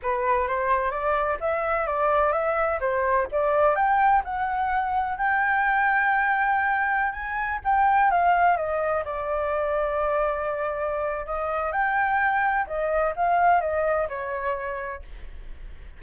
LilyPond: \new Staff \with { instrumentName = "flute" } { \time 4/4 \tempo 4 = 128 b'4 c''4 d''4 e''4 | d''4 e''4 c''4 d''4 | g''4 fis''2 g''4~ | g''2.~ g''16 gis''8.~ |
gis''16 g''4 f''4 dis''4 d''8.~ | d''1 | dis''4 g''2 dis''4 | f''4 dis''4 cis''2 | }